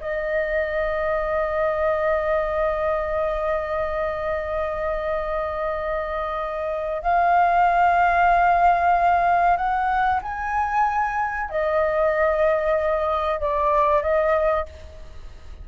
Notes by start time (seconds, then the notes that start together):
0.00 D#5
7.02 F5
9.57 F#5
10.22 G#5
11.50 D#5
13.40 D5
14.02 D#5